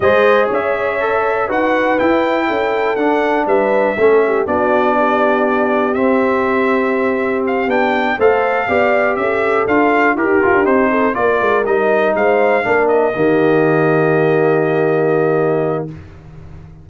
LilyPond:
<<
  \new Staff \with { instrumentName = "trumpet" } { \time 4/4 \tempo 4 = 121 dis''4 e''2 fis''4 | g''2 fis''4 e''4~ | e''4 d''2. | e''2. f''8 g''8~ |
g''8 f''2 e''4 f''8~ | f''8 ais'4 c''4 d''4 dis''8~ | dis''8 f''4. dis''2~ | dis''1 | }
  \new Staff \with { instrumentName = "horn" } { \time 4/4 c''4 cis''2 b'4~ | b'4 a'2 b'4 | a'8 g'8 fis'4 g'2~ | g'1~ |
g'8 c''4 d''4 a'4.~ | a'8 g'4. a'8 ais'4.~ | ais'8 c''4 ais'4 g'4.~ | g'1 | }
  \new Staff \with { instrumentName = "trombone" } { \time 4/4 gis'2 a'4 fis'4 | e'2 d'2 | cis'4 d'2. | c'2.~ c'8 d'8~ |
d'8 a'4 g'2 f'8~ | f'8 g'8 f'8 dis'4 f'4 dis'8~ | dis'4. d'4 ais4.~ | ais1 | }
  \new Staff \with { instrumentName = "tuba" } { \time 4/4 gis4 cis'2 dis'4 | e'4 cis'4 d'4 g4 | a4 b2. | c'2.~ c'8 b8~ |
b8 a4 b4 cis'4 d'8~ | d'8 e'16 dis'16 f'16 d'16 c'4 ais8 gis8 g8~ | g8 gis4 ais4 dis4.~ | dis1 | }
>>